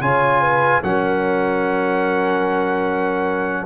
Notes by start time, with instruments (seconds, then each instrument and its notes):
0.00 tuba C#3, trombone F4, horn C#5, trumpet G#5
0.41 horn B4
0.82 tuba F#3, trombone C#4, horn A#4, trumpet F#5